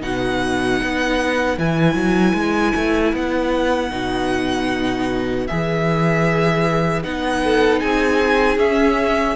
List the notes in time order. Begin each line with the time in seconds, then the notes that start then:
0.00 B2 D#4 B4 F#5
0.83 B3
1.58 E3 E4 G#5
1.94 F#3
2.34 G#3
2.76 A3
3.14 B3 F#5
3.91 B2 D#4
5.47 E3 G#4 E5
7.04 B3 D#4 F#5
7.44 A4
7.80 C4 G#4 G#5
8.58 C#4 E5